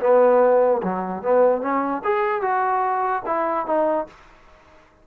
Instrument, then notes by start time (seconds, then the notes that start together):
trombone
0.00 B3
0.82 F#3
1.22 B3
1.61 C#4
2.04 G#4
2.41 F#4
3.26 E4
3.66 D#4